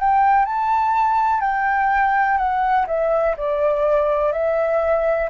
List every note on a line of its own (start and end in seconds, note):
0.00 0.46 G5
0.46 1.41 A5
1.41 2.38 G5
2.38 2.86 F#5
2.87 3.36 E5
3.37 4.32 D5
4.32 5.29 E5